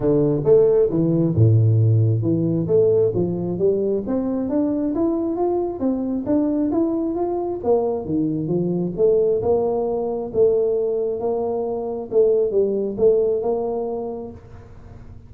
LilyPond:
\new Staff \with { instrumentName = "tuba" } { \time 4/4 \tempo 4 = 134 d4 a4 e4 a,4~ | a,4 e4 a4 f4 | g4 c'4 d'4 e'4 | f'4 c'4 d'4 e'4 |
f'4 ais4 dis4 f4 | a4 ais2 a4~ | a4 ais2 a4 | g4 a4 ais2 | }